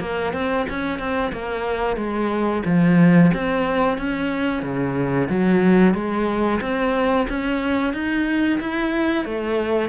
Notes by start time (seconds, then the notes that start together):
0.00 A#3
0.33 C4
0.69 C#4
0.99 C4
1.32 A#3
1.96 G#3
2.65 F3
3.34 C4
3.98 C#4
4.62 C#3
5.29 F#3
5.94 G#3
6.61 C4
7.29 C#4
7.93 D#4
8.60 E4
9.25 A3